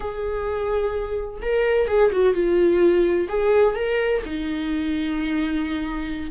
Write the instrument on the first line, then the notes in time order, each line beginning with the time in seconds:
viola
0.00 G#4
1.41 A#4
1.87 G#4
2.11 F#4
2.34 F4
3.29 G#4
3.75 A#4
4.25 D#4